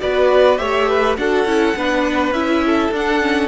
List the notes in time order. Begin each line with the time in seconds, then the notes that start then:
0.00 B3 F#4 B4 D5
0.57 A3 G4 C#5 E5
0.88 B4
1.17 D4 F#4 A4 F#5
1.45 C#4 E4
1.76 B3 D4 B4
2.31 C#4 E4 E5
2.66 A4
2.91 D4 F#5
3.21 C#4